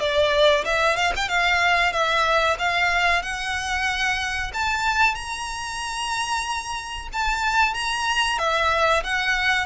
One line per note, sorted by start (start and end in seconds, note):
0.00 0.65 D5
0.65 0.96 E5
0.96 1.13 F5
1.16 1.28 G5
1.28 1.92 F5
1.92 2.57 E5
2.59 3.23 F5
3.23 4.52 F#5
4.54 5.15 A5
5.15 7.09 A#5
7.13 7.74 A5
7.74 8.38 A#5
8.39 9.03 E5
9.04 9.66 F#5